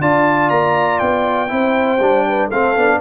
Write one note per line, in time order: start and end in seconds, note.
0.00 0.50 D4
0.00 1.48 F4
0.00 1.50 D5
0.00 0.49 A5
0.49 1.00 A#3
0.49 0.98 A#5
0.98 1.51 B3
0.98 2.48 G5
1.48 1.99 C4
1.48 1.98 E4
1.48 2.26 C5
1.99 2.49 G3
1.99 2.51 D4
2.27 2.47 B4
2.47 2.76 A3
2.47 2.97 A4
2.47 3.00 F5
2.53 2.76 C4
2.76 3.01 B3
2.76 3.01 D4